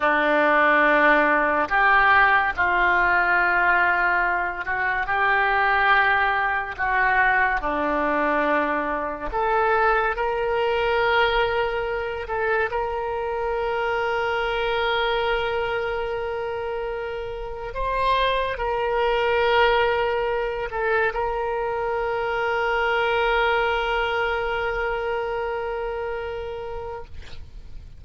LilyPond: \new Staff \with { instrumentName = "oboe" } { \time 4/4 \tempo 4 = 71 d'2 g'4 f'4~ | f'4. fis'8 g'2 | fis'4 d'2 a'4 | ais'2~ ais'8 a'8 ais'4~ |
ais'1~ | ais'4 c''4 ais'2~ | ais'8 a'8 ais'2.~ | ais'1 | }